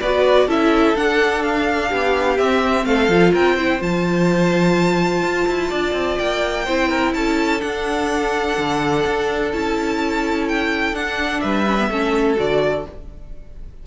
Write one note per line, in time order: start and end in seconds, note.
0.00 0.47 B3
0.00 0.48 F#4
0.00 0.46 B4
0.00 0.48 D5
0.46 0.94 C#4
0.46 0.95 E4
0.46 1.88 A4
0.46 0.96 E5
0.95 2.38 D4
0.95 1.91 D4
0.95 1.43 F#5
1.43 2.38 F5
1.88 2.38 B3
1.88 2.83 G4
2.38 2.85 C4
2.38 3.10 C4
2.38 2.85 E5
2.85 3.08 A3
2.85 3.32 A4
2.85 3.32 F5
3.08 3.32 F3
3.08 3.57 F4
3.32 3.81 C4
3.32 3.56 A#4
3.32 3.82 G5
3.56 3.79 E4
3.56 5.69 C5
3.79 5.22 F3
3.79 6.64 F4
3.79 6.18 A5
5.22 5.46 F4
5.48 5.71 E4
5.69 5.93 D4
5.69 6.64 D5
5.93 6.16 C4
6.18 6.67 A#3
6.18 7.13 G5
6.65 7.15 C4
6.65 7.60 E4
6.65 6.88 C5
6.89 7.12 A#4
7.14 7.62 C#4
7.14 11.42 A4
7.14 7.61 A5
7.60 9.50 D4
7.60 8.58 D4
7.60 9.51 F#5
8.58 9.05 D3
9.06 9.53 D4
9.53 10.92 C#4
9.53 10.94 E4
9.53 10.48 A5
10.48 10.95 G5
10.92 11.40 D4
10.92 11.66 D4
10.92 11.40 F#5
11.40 11.89 G3
11.40 11.90 B4
11.40 12.36 E5
11.66 11.78 C#4
11.79 11.90 B3
11.89 12.37 A3
11.89 12.36 C#4
11.89 12.86 A4
12.36 12.86 D3
12.36 12.84 F#4
12.36 12.87 D5